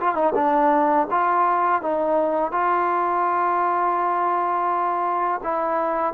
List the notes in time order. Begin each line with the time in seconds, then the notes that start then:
0.00 F4
0.15 D#4
0.35 D4
1.10 F4
1.82 D#4
2.52 F4
5.43 E4